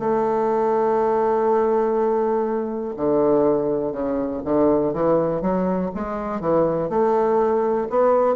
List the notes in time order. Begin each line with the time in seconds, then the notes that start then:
0.00 A3
2.97 D3
3.93 C#3
4.45 D3
4.94 E3
5.42 F#3
5.95 G#3
6.41 E3
6.90 A3
7.90 B3